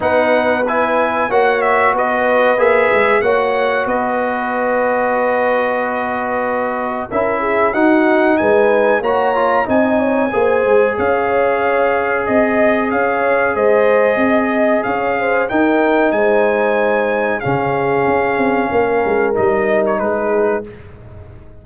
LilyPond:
<<
  \new Staff \with { instrumentName = "trumpet" } { \time 4/4 \tempo 4 = 93 fis''4 gis''4 fis''8 e''8 dis''4 | e''4 fis''4 dis''2~ | dis''2. e''4 | fis''4 gis''4 ais''4 gis''4~ |
gis''4 f''2 dis''4 | f''4 dis''2 f''4 | g''4 gis''2 f''4~ | f''2 dis''8. cis''16 b'4 | }
  \new Staff \with { instrumentName = "horn" } { \time 4/4 b'2 cis''4 b'4~ | b'4 cis''4 b'2~ | b'2. ais'8 gis'8 | fis'4 b'4 cis''4 dis''8 cis''8 |
c''4 cis''2 dis''4 | cis''4 c''4 dis''4 cis''8 c''8 | ais'4 c''2 gis'4~ | gis'4 ais'2 gis'4 | }
  \new Staff \with { instrumentName = "trombone" } { \time 4/4 dis'4 e'4 fis'2 | gis'4 fis'2.~ | fis'2. e'4 | dis'2 fis'8 f'8 dis'4 |
gis'1~ | gis'1 | dis'2. cis'4~ | cis'2 dis'2 | }
  \new Staff \with { instrumentName = "tuba" } { \time 4/4 b2 ais4 b4 | ais8 gis8 ais4 b2~ | b2. cis'4 | dis'4 gis4 ais4 c'4 |
ais8 gis8 cis'2 c'4 | cis'4 gis4 c'4 cis'4 | dis'4 gis2 cis4 | cis'8 c'8 ais8 gis8 g4 gis4 | }
>>